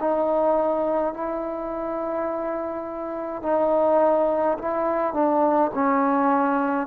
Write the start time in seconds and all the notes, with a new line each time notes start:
0.00 D#4
1.14 E4
3.42 D#4
4.58 E4
5.13 D4
5.74 C#4